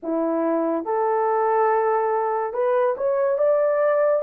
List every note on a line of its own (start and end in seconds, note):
0.02 0.85 E4
0.85 2.53 A4
2.53 2.95 B4
2.97 3.38 C#5
3.38 4.22 D5